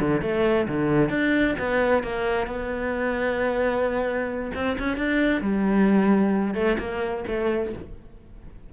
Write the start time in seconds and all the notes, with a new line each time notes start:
0.00 D3
0.22 A3
0.68 D3
1.10 D4
1.59 B3
2.03 A#3
2.47 B3
4.55 C4
4.79 C#4
4.98 D4
5.41 G3
6.55 A3
6.79 A#3
7.28 A3